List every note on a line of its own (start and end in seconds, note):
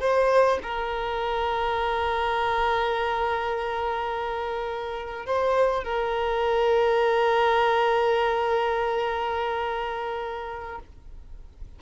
0.00 0.58 C5
0.62 5.26 A#4
5.26 5.84 C5
5.84 10.79 A#4